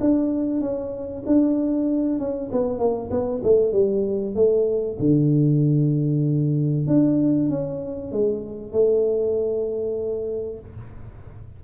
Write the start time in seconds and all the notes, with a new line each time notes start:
0.00 D4
0.61 C#4
1.26 D4
2.19 C#4
2.51 B3
2.78 A#3
3.10 B3
3.43 A3
3.72 G3
4.35 A3
4.99 D3
6.87 D4
7.49 C#4
8.11 G#3
8.72 A3